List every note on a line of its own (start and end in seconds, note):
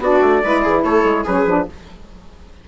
0.00 0.21 B3
0.00 0.44 D4
0.00 0.43 F#4
0.00 0.84 D5
0.21 0.42 A3
0.44 0.65 G#3
0.44 1.26 E4
0.44 0.62 B4
0.62 0.85 E3
0.62 0.83 G#4
0.84 1.04 A3
0.84 1.24 A4
0.84 1.25 C#5
1.04 1.25 G#3
1.24 1.46 F#3
1.24 1.47 C#4
1.24 1.65 G#4
1.24 1.68 B4
1.46 1.67 F3
1.46 1.68 D4